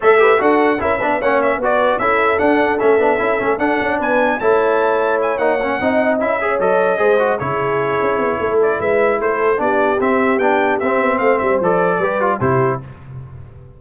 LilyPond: <<
  \new Staff \with { instrumentName = "trumpet" } { \time 4/4 \tempo 4 = 150 e''4 fis''4 e''4 fis''8 e''8 | d''4 e''4 fis''4 e''4~ | e''4 fis''4 gis''4 a''4~ | a''4 gis''8 fis''2 e''8~ |
e''8 dis''2 cis''4.~ | cis''4. d''8 e''4 c''4 | d''4 e''4 g''4 e''4 | f''8 e''8 d''2 c''4 | }
  \new Staff \with { instrumentName = "horn" } { \time 4/4 cis''8 b'8 a'4 ais'8 b'8 cis''4 | b'4 a'2.~ | a'2 b'4 cis''4~ | cis''2~ cis''8 dis''4. |
cis''4. c''4 gis'4.~ | gis'4 a'4 b'4 a'4 | g'1 | c''2 b'4 g'4 | }
  \new Staff \with { instrumentName = "trombone" } { \time 4/4 a'8 g'8 fis'4 e'8 d'8 cis'4 | fis'4 e'4 d'4 cis'8 d'8 | e'8 cis'8 d'2 e'4~ | e'4. dis'8 cis'8 dis'4 e'8 |
gis'8 a'4 gis'8 fis'8 e'4.~ | e'1 | d'4 c'4 d'4 c'4~ | c'4 a'4 g'8 f'8 e'4 | }
  \new Staff \with { instrumentName = "tuba" } { \time 4/4 a4 d'4 cis'8 b8 ais4 | b4 cis'4 d'4 a8 b8 | cis'8 a8 d'8 cis'8 b4 a4~ | a4. ais4 c'4 cis'8~ |
cis'8 fis4 gis4 cis4. | cis'8 b8 a4 gis4 a4 | b4 c'4 b4 c'8 b8 | a8 g8 f4 g4 c4 | }
>>